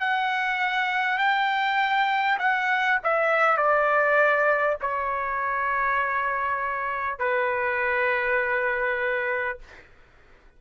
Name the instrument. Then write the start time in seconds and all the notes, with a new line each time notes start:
trumpet
0.00 F#5
1.18 G5
2.39 F#5
3.04 E5
3.57 D5
4.82 C#5
7.19 B4